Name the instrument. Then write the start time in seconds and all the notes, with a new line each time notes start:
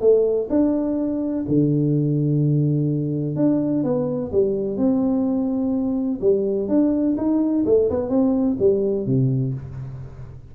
tuba
0.00 A3
0.49 D4
1.48 D3
3.36 D4
3.83 B3
4.32 G3
4.77 C4
6.21 G3
6.68 D4
7.17 D#4
7.65 A3
7.90 B3
8.09 C4
8.59 G3
9.06 C3